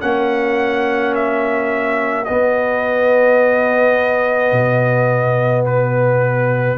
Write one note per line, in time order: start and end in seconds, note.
0.00 2.29 A#3
0.00 2.26 C#4
0.00 6.78 F#4
0.00 1.14 F#5
1.15 2.25 E5
2.25 6.78 B3
2.25 4.52 B3
2.25 5.65 D#5
4.52 6.78 B2
5.66 6.78 B4